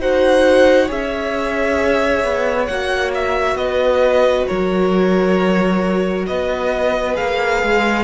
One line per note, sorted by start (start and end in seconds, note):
0.00 0.90 D#4
0.00 0.88 F#4
0.00 0.86 C5
0.00 0.90 F#5
0.86 2.24 C#4
0.86 2.67 G#4
0.86 3.55 C#5
0.86 2.66 E5
2.24 2.69 B3
2.66 3.55 A#3
2.66 7.14 F#4
2.66 3.11 F#5
3.14 3.57 E5
3.55 4.45 B3
3.55 4.48 B4
3.55 4.46 D#5
4.46 6.29 F#3
4.46 6.27 A#4
4.46 6.26 C#5
6.27 7.18 B3
6.27 8.04 B4
6.27 7.16 D#5
7.14 7.62 A#3
7.14 8.03 G#4
7.14 8.04 F5
7.62 8.04 G#3